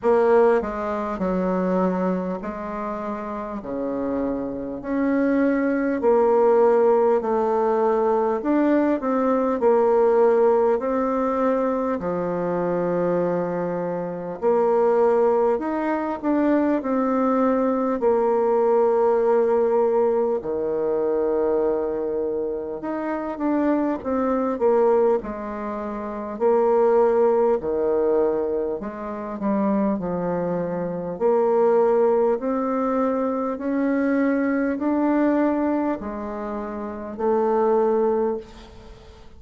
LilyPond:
\new Staff \with { instrumentName = "bassoon" } { \time 4/4 \tempo 4 = 50 ais8 gis8 fis4 gis4 cis4 | cis'4 ais4 a4 d'8 c'8 | ais4 c'4 f2 | ais4 dis'8 d'8 c'4 ais4~ |
ais4 dis2 dis'8 d'8 | c'8 ais8 gis4 ais4 dis4 | gis8 g8 f4 ais4 c'4 | cis'4 d'4 gis4 a4 | }